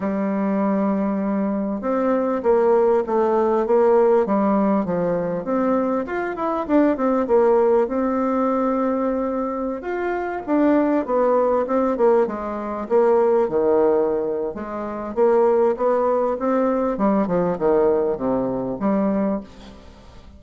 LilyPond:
\new Staff \with { instrumentName = "bassoon" } { \time 4/4 \tempo 4 = 99 g2. c'4 | ais4 a4 ais4 g4 | f4 c'4 f'8 e'8 d'8 c'8 | ais4 c'2.~ |
c'16 f'4 d'4 b4 c'8 ais16~ | ais16 gis4 ais4 dis4.~ dis16 | gis4 ais4 b4 c'4 | g8 f8 dis4 c4 g4 | }